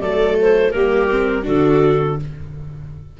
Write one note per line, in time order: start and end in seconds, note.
0.00 0.72 F#3
0.00 0.73 A3
0.00 0.74 A4
0.00 0.36 D5
0.41 0.71 C5
0.71 1.46 G3
0.71 1.09 A#3
0.71 1.44 G4
0.71 1.43 A#4
1.10 1.42 C4
1.42 2.20 D3
1.42 2.15 D4
1.42 2.16 F#4
1.42 2.19 A4